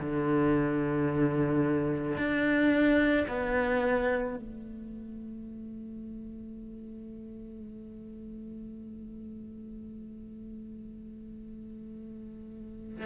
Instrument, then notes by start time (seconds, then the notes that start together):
cello
0.00 D3
2.17 D4
3.28 B3
4.36 A3